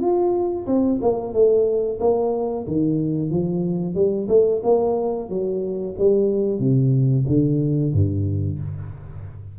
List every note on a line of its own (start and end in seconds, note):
0.00 0.66 F4
0.67 1.00 C4
1.02 1.33 A#3
1.33 1.99 A3
2.00 2.66 A#3
2.67 3.30 D#3
3.30 3.95 F3
3.95 4.28 G3
4.28 4.61 A3
4.63 5.29 A#3
5.29 5.95 F#3
5.98 6.59 G3
6.59 7.25 C3
7.27 7.93 D3
7.93 8.59 G2